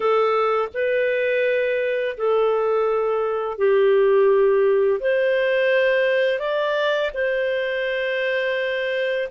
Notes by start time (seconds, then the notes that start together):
0.00 A4
0.73 B4
2.17 A4
3.58 G4
5.00 C5
6.39 D5
7.14 C5